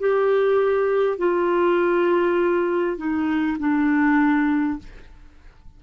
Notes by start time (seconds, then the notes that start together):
0.00 G4
1.18 F4
2.97 D#4
3.59 D4